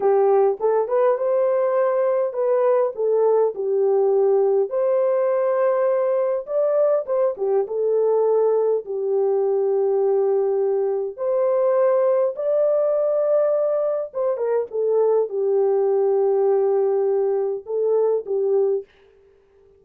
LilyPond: \new Staff \with { instrumentName = "horn" } { \time 4/4 \tempo 4 = 102 g'4 a'8 b'8 c''2 | b'4 a'4 g'2 | c''2. d''4 | c''8 g'8 a'2 g'4~ |
g'2. c''4~ | c''4 d''2. | c''8 ais'8 a'4 g'2~ | g'2 a'4 g'4 | }